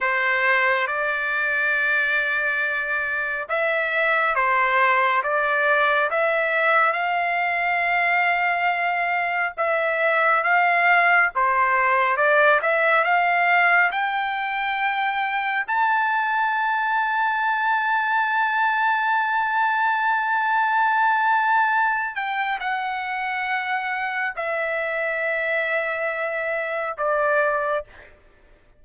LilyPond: \new Staff \with { instrumentName = "trumpet" } { \time 4/4 \tempo 4 = 69 c''4 d''2. | e''4 c''4 d''4 e''4 | f''2. e''4 | f''4 c''4 d''8 e''8 f''4 |
g''2 a''2~ | a''1~ | a''4. g''8 fis''2 | e''2. d''4 | }